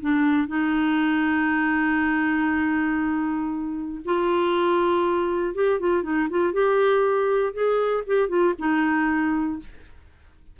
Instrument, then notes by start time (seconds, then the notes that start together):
clarinet
0.00 D4
0.48 D#4
4.05 F4
5.54 G4
5.80 F4
6.03 D#4
6.30 F4
6.53 G4
7.53 G#4
8.06 G4
8.28 F4
8.58 D#4